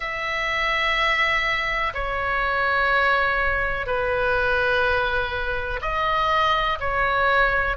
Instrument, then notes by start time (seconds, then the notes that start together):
oboe
0.00 E5
1.94 C#5
3.86 B4
5.81 D#5
6.80 C#5